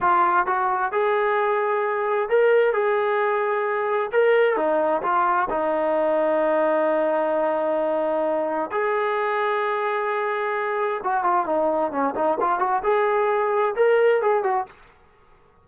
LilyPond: \new Staff \with { instrumentName = "trombone" } { \time 4/4 \tempo 4 = 131 f'4 fis'4 gis'2~ | gis'4 ais'4 gis'2~ | gis'4 ais'4 dis'4 f'4 | dis'1~ |
dis'2. gis'4~ | gis'1 | fis'8 f'8 dis'4 cis'8 dis'8 f'8 fis'8 | gis'2 ais'4 gis'8 fis'8 | }